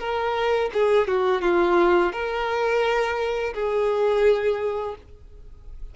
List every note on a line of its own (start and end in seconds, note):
0.00 0.71 A#4
0.73 1.07 G#4
1.07 1.42 F#4
1.42 2.12 F4
2.13 3.54 A#4
3.54 4.95 G#4